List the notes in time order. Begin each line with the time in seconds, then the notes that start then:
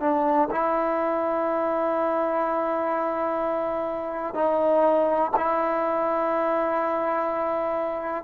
0.00 D4
0.51 E4
4.34 D#4
5.37 E4